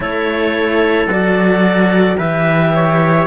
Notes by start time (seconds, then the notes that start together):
0.00 A3 E4 A4 C#5
1.07 F#3 F#4 D5
2.17 E3 G4 B4 E5
2.75 C#5